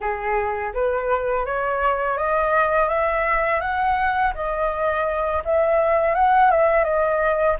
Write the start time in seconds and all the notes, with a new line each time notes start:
0.00 G#4
0.73 B4
1.45 C#5
2.17 D#5
2.88 E5
3.60 F#5
4.34 D#5
5.44 E5
6.14 F#5
6.51 E5
6.84 D#5